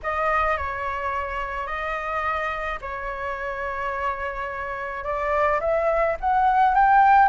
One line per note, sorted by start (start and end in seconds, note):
0.02 0.57 D#5
0.57 1.67 C#5
1.67 2.79 D#5
2.81 5.04 C#5
5.04 5.60 D5
5.60 6.16 E5
6.20 6.74 F#5
6.74 7.28 G5